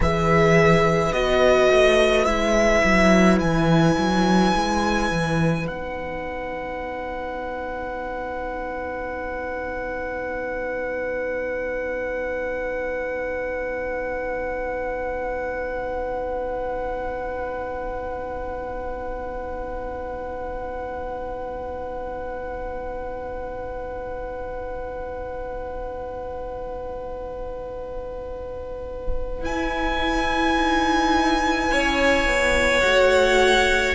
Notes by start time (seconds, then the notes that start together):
0.00 E3 G#4 B4 E5
1.12 B3 F#4 D#5
1.70 A3
2.25 G#3 E4 E5
2.84 F#3
3.40 E3 G#5
3.97 F#3
4.54 G#3
5.10 E3
5.67 B3 D#4 F#5
29.41 E4 G#5
30.55 D#4
31.70 C#4 C#5
32.26 B3
32.80 A3 F#4 F#5